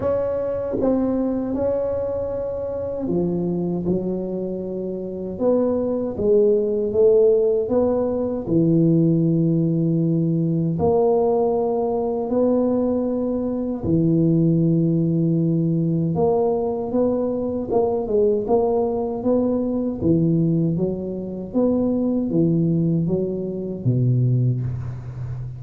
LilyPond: \new Staff \with { instrumentName = "tuba" } { \time 4/4 \tempo 4 = 78 cis'4 c'4 cis'2 | f4 fis2 b4 | gis4 a4 b4 e4~ | e2 ais2 |
b2 e2~ | e4 ais4 b4 ais8 gis8 | ais4 b4 e4 fis4 | b4 e4 fis4 b,4 | }